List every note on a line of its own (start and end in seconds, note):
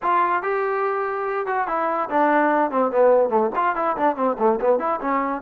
0.02 0.42 F4
0.42 1.46 G4
1.46 1.67 F#4
1.67 2.09 E4
2.09 2.70 D4
2.70 2.91 C4
2.91 3.29 B3
3.29 3.50 A3
3.55 3.75 F4
3.75 3.96 E4
3.96 4.16 D4
4.16 4.37 C4
4.39 4.59 A3
4.60 4.79 B3
4.79 5.00 E4
5.01 5.41 C#4